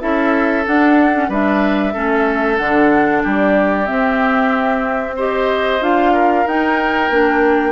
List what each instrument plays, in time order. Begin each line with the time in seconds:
0.00 bassoon C#4, clarinet E4, oboe A4, flute E5
0.65 clarinet D4, bassoon D4, flute F#5
1.13 clarinet C#4
1.28 bassoon G3, clarinet D4, oboe B4, flute E5
1.93 bassoon A3, clarinet C#4, oboe A4
2.57 bassoon D3, clarinet D4, flute F#5
3.23 bassoon G3, oboe G4, flute D5
3.85 clarinet C4, bassoon C4, flute E5
5.16 clarinet G4, oboe C5, flute D#5
5.81 bassoon D4, clarinet F4, flute F5
6.13 oboe A#4
6.45 bassoon D#4, clarinet D#4, flute G5
7.10 bassoon A#3, clarinet D4